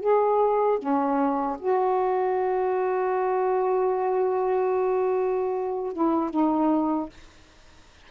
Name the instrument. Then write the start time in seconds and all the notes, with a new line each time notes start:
saxophone
0.00 G#4
0.79 C#4
1.59 F#4
5.93 E4
6.31 D#4